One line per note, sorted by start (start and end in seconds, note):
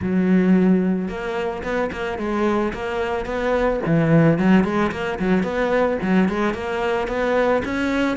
0.01 1.08 F#3
1.08 1.62 A#3
1.63 1.90 B3
1.92 2.18 A#3
2.18 2.72 G#3
2.73 3.25 A#3
3.25 3.80 B3
3.86 4.38 E3
4.38 4.64 F#3
4.64 4.91 G#3
4.91 5.18 A#3
5.19 5.43 F#3
5.43 5.97 B3
6.01 6.29 F#3
6.29 6.54 G#3
6.54 7.07 A#3
7.07 7.62 B3
7.64 8.16 C#4